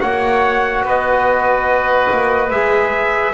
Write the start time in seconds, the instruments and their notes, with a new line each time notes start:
0.00 double bass A#3, trombone F#4, oboe C#5, trumpet F#5
0.82 double bass B3, oboe B4, trumpet D#5
2.11 double bass A#3
2.50 double bass G#3, trombone G#4, trumpet E5